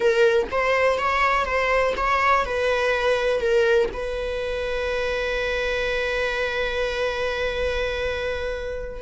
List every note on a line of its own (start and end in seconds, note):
0.00 0.47 A#4
0.51 0.98 C5
0.98 1.45 C#5
1.45 1.94 C5
1.96 2.45 C#5
2.45 3.40 B4
3.40 3.89 A#4
3.93 9.02 B4